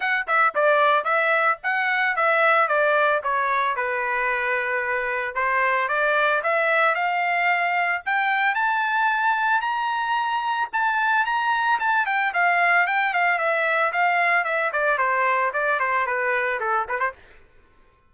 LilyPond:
\new Staff \with { instrumentName = "trumpet" } { \time 4/4 \tempo 4 = 112 fis''8 e''8 d''4 e''4 fis''4 | e''4 d''4 cis''4 b'4~ | b'2 c''4 d''4 | e''4 f''2 g''4 |
a''2 ais''2 | a''4 ais''4 a''8 g''8 f''4 | g''8 f''8 e''4 f''4 e''8 d''8 | c''4 d''8 c''8 b'4 a'8 b'16 c''16 | }